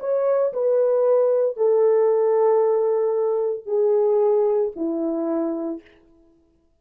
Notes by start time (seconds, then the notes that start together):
0.00 C#5
0.53 B4
1.57 A4
3.66 G#4
4.76 E4